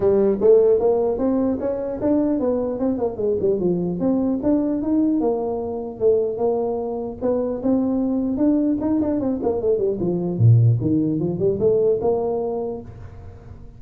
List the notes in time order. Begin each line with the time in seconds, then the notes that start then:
0.00 G3
0.40 A3
0.79 A#3
1.17 C4
1.60 C#4
2.01 D4
2.39 B3
2.79 C4
2.98 A#3
3.16 G#3
3.40 G3
3.59 F3
3.99 C4
4.42 D4
4.82 D#4
5.20 A#3
5.99 A3
6.37 A#3
7.21 B3
7.62 C4
8.37 D4
8.80 D#4
9.01 D4
9.19 C4
9.43 A#3
9.61 A3
9.78 G3
10.00 F3
10.37 A#2
10.81 D#3
11.19 F3
11.39 G3
11.59 A3
12.01 A#3